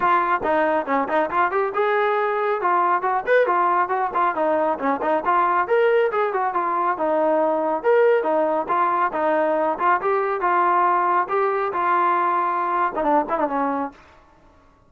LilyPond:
\new Staff \with { instrumentName = "trombone" } { \time 4/4 \tempo 4 = 138 f'4 dis'4 cis'8 dis'8 f'8 g'8 | gis'2 f'4 fis'8 b'8 | f'4 fis'8 f'8 dis'4 cis'8 dis'8 | f'4 ais'4 gis'8 fis'8 f'4 |
dis'2 ais'4 dis'4 | f'4 dis'4. f'8 g'4 | f'2 g'4 f'4~ | f'4.~ f'16 dis'16 d'8 e'16 d'16 cis'4 | }